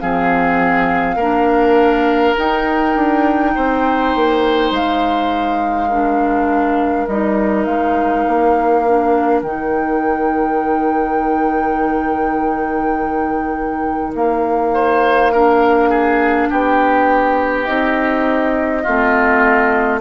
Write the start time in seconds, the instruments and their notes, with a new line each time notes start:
0.00 bassoon F3, clarinet C4, oboe G#4, flute F5
1.16 bassoon A#3, clarinet D4, oboe A#4
2.36 clarinet D#4, bassoon D#4, flute G5
2.96 bassoon D4
3.55 bassoon C4, oboe C5
4.16 bassoon A#3
4.71 bassoon G#3, flute F5
5.88 clarinet D4, oboe A#4
7.08 bassoon G3, clarinet D#4, flute D#5
7.65 bassoon G#3, flute F5
8.28 bassoon A#3
8.87 clarinet D4
9.43 bassoon D#3, clarinet D#4, flute G5
14.15 bassoon A#3, flute F5
14.74 oboe C5
15.33 clarinet D4, oboe A#4
15.90 oboe G#4
16.50 bassoon B3, oboe G4, flute G5
17.65 bassoon C4, clarinet D#4, flute D#5
18.83 bassoon A3, clarinet C4, oboe F4